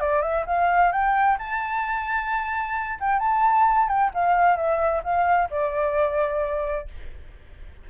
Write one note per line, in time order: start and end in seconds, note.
0.00 0.22 D5
0.22 0.45 E5
0.46 0.92 F5
0.92 1.38 G5
1.38 2.99 A5
3.00 3.19 G5
3.19 3.88 A5
3.88 4.11 G5
4.14 4.56 F5
4.56 5.02 E5
5.03 5.49 F5
5.50 6.88 D5